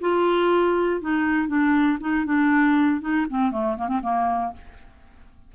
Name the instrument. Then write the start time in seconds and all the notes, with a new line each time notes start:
clarinet
0.00 F4
1.00 D#4
1.47 D4
2.00 D#4
2.25 D4
3.01 D#4
3.29 C4
3.51 A3
3.77 A#3
3.88 C4
4.02 A#3